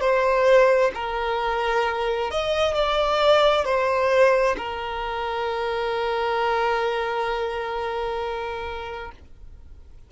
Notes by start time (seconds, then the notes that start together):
0.00 C5
0.94 A#4
2.30 D#5
2.74 D5
3.64 C5
4.57 A#4